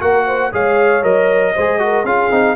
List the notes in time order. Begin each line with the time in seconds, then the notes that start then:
0.00 A#3 F#4 A#4 F#5
0.26 C5
0.52 G#3 G#4 C#5 F5
1.03 F#3 A#4 D#5
1.54 G#3 G#4 C5
1.79 F#4 A#4
2.04 C#4 F4 G#4 F5
2.31 C4 D#4